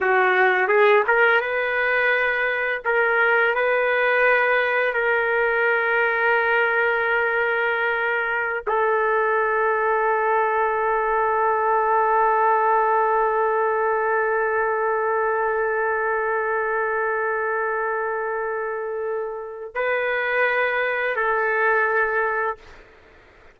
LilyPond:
\new Staff \with { instrumentName = "trumpet" } { \time 4/4 \tempo 4 = 85 fis'4 gis'8 ais'8 b'2 | ais'4 b'2 ais'4~ | ais'1~ | ais'16 a'2.~ a'8.~ |
a'1~ | a'1~ | a'1 | b'2 a'2 | }